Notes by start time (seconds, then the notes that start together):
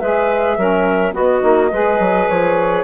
0.00 G#3 G#4 B4 E5
0.58 F#3 C#4 A#4
1.12 B3 F#4 D#5
1.41 A#3 D#4
1.72 G#3 G#4 B4
1.99 F#3
2.29 F3 C#5